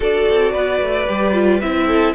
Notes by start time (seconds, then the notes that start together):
0.00 D4 F#4 A4 D5
0.30 C4
0.52 B3 B4
0.81 A3
1.07 G3 G4
1.33 F4
1.60 C4 E4 E5
1.87 A4